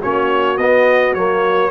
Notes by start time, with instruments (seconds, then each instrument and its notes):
0.00 tuba A#3, trombone C#4, horn F#4, trumpet C#5
0.57 tuba B3, trombone B3, trumpet D#5
1.14 tuba F#3, trombone A#3, trumpet C#5